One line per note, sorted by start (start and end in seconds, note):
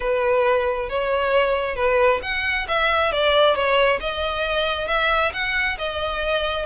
0.00 0.89 B4
0.89 1.75 C#5
1.75 2.20 B4
2.22 2.66 F#5
2.67 3.12 E5
3.12 3.55 D5
3.55 3.99 C#5
4.00 4.87 D#5
4.87 5.32 E5
5.33 5.77 F#5
5.77 6.65 D#5